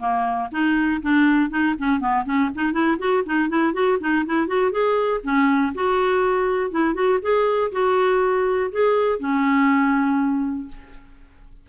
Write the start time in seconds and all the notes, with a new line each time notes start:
0.00 A#3
0.52 D#4
1.03 D4
1.50 D#4
1.79 C#4
2.00 B3
2.26 C#4
2.55 D#4
2.73 E4
2.99 F#4
3.26 D#4
3.49 E4
3.73 F#4
4.00 D#4
4.26 E4
4.47 F#4
4.72 G#4
5.23 C#4
5.75 F#4
6.71 E4
6.94 F#4
7.22 G#4
7.72 F#4
8.72 G#4
9.20 C#4